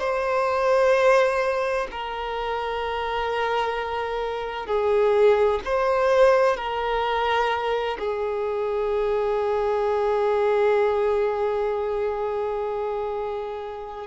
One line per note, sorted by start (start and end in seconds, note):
0.00 1.87 C5
1.92 4.67 A#4
4.67 5.60 G#4
5.65 6.58 C5
6.58 7.98 A#4
7.99 14.07 G#4